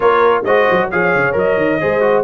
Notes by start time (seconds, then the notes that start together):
0.00 A#3 F4 A#4 C#5
0.44 G#3 F#4 C5 D#5
0.70 F#3
0.90 F3 G#4 C#5 F5
1.15 C#3
1.32 F#3 A#4 D#5
1.57 D#3
1.80 G#3 G#4 C5
2.00 F#4